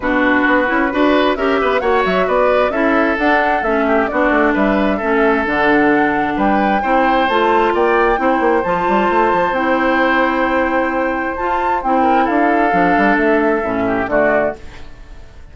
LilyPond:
<<
  \new Staff \with { instrumentName = "flute" } { \time 4/4 \tempo 4 = 132 b'2. e''4 | fis''8 e''8 d''4 e''4 fis''4 | e''4 d''4 e''2 | fis''2 g''2 |
a''4 g''2 a''4~ | a''4 g''2.~ | g''4 a''4 g''4 f''4~ | f''4 e''2 d''4 | }
  \new Staff \with { instrumentName = "oboe" } { \time 4/4 fis'2 b'4 ais'8 b'8 | cis''4 b'4 a'2~ | a'8 g'8 fis'4 b'4 a'4~ | a'2 b'4 c''4~ |
c''4 d''4 c''2~ | c''1~ | c''2~ c''8 ais'8 a'4~ | a'2~ a'8 g'8 fis'4 | }
  \new Staff \with { instrumentName = "clarinet" } { \time 4/4 d'4. e'8 fis'4 g'4 | fis'2 e'4 d'4 | cis'4 d'2 cis'4 | d'2. e'4 |
f'2 e'4 f'4~ | f'4 e'2.~ | e'4 f'4 e'2 | d'2 cis'4 a4 | }
  \new Staff \with { instrumentName = "bassoon" } { \time 4/4 b,4 b8 cis'8 d'4 cis'8 b8 | ais8 fis8 b4 cis'4 d'4 | a4 b8 a8 g4 a4 | d2 g4 c'4 |
a4 ais4 c'8 ais8 f8 g8 | a8 f8 c'2.~ | c'4 f'4 c'4 d'4 | f8 g8 a4 a,4 d4 | }
>>